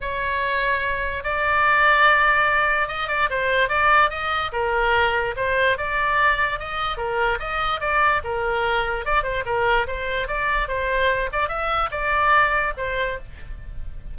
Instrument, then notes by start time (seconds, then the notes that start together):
oboe
0.00 C#5
1.23 D5
2.87 D#5
3.08 D5
3.30 C5
3.68 D5
4.10 D#5
4.52 A#4
5.36 C5
5.77 D5
6.59 D#5
6.97 A#4
7.39 D#5
7.80 D5
8.24 A#4
9.05 D5
9.23 C5
9.45 A#4
9.87 C5
10.27 D5
10.68 C5
11.32 D5
11.48 E5
11.91 D5
12.77 C5